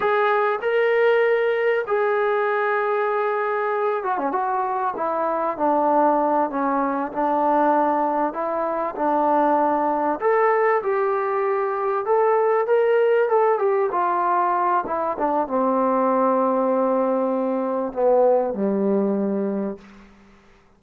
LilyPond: \new Staff \with { instrumentName = "trombone" } { \time 4/4 \tempo 4 = 97 gis'4 ais'2 gis'4~ | gis'2~ gis'8 fis'16 cis'16 fis'4 | e'4 d'4. cis'4 d'8~ | d'4. e'4 d'4.~ |
d'8 a'4 g'2 a'8~ | a'8 ais'4 a'8 g'8 f'4. | e'8 d'8 c'2.~ | c'4 b4 g2 | }